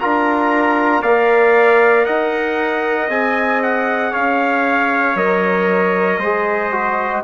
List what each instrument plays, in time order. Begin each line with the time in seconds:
0.00 bassoon D4, trombone F4, trumpet A#4 A#5
1.02 bassoon A#3, trombone A#4, trumpet D5 F5
2.05 bassoon D#4, trumpet D#5 F#5
3.09 bassoon C4, trombone G#4, trumpet G#5
3.63 trumpet F#5
4.12 bassoon C#4, trumpet C#5 F5
5.16 bassoon F#3, trombone A#4, trumpet D#5
6.19 bassoon G#3, trombone G#4, trumpet C5
6.72 trombone F#4